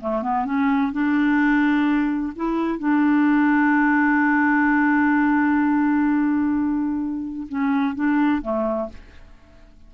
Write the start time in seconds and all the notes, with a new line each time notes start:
0.00 A3
0.22 B3
0.45 C#4
0.92 D4
2.35 E4
2.78 D4
7.48 C#4
7.95 D4
8.42 A3